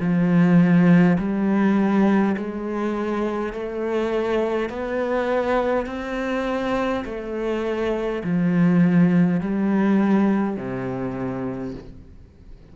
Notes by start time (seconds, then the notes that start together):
0.00 F3
1.18 G3
2.37 G#3
3.53 A3
4.70 B3
5.87 C4
7.05 A3
8.24 F3
9.41 G3
10.57 C3